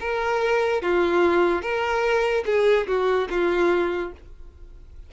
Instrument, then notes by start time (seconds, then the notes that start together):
violin
0.00 A#4
0.82 F4
1.62 A#4
2.46 G#4
2.87 F#4
3.30 F4